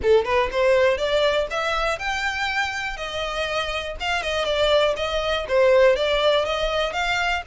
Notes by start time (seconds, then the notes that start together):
0.02 A4
0.25 B4
0.51 C5
0.97 D5
1.50 E5
1.99 G5
2.96 D#5
3.99 F5
4.22 D#5
4.44 D5
4.96 D#5
5.48 C5
5.95 D5
6.45 D#5
6.92 F5